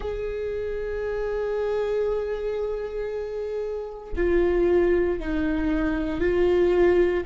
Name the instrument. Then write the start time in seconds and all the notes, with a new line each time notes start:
viola
0.00 G#4
4.16 F4
5.19 D#4
6.20 F4